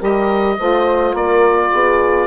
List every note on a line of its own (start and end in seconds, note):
0.00 0.58 G3
0.00 0.57 G4
0.00 0.57 A#4
0.00 1.16 D#5
0.59 1.14 A3
0.59 2.27 F4
0.59 1.15 C5
1.14 1.70 A#3
1.14 1.71 A#4
1.14 2.27 D5
1.73 2.27 B3
1.73 2.27 G#4